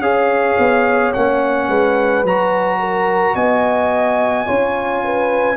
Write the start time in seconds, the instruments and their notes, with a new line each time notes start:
0.00 tuba C#4, trombone G#4, horn C#5, trumpet F5
0.58 tuba B3
1.13 tuba A#3, trombone C#4, trumpet F#5
1.67 tuba G#3, horn B4
2.24 tuba F#3, trombone F#4, trumpet A#5
2.80 horn A#4
3.35 tuba B3, horn D#5, trumpet G#5
4.46 tuba C#4, trombone F4, horn C#5
5.04 horn B4